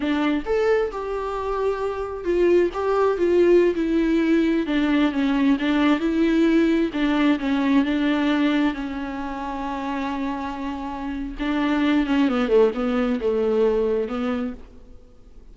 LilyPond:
\new Staff \with { instrumentName = "viola" } { \time 4/4 \tempo 4 = 132 d'4 a'4 g'2~ | g'4 f'4 g'4 f'4~ | f'16 e'2 d'4 cis'8.~ | cis'16 d'4 e'2 d'8.~ |
d'16 cis'4 d'2 cis'8.~ | cis'1~ | cis'4 d'4. cis'8 b8 a8 | b4 a2 b4 | }